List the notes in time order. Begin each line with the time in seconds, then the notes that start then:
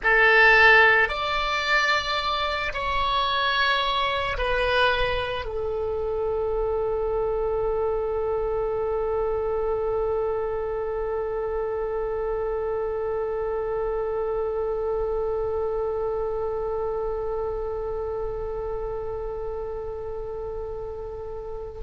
0.03 A4
1.09 D5
2.73 C#5
4.37 B4
5.45 A4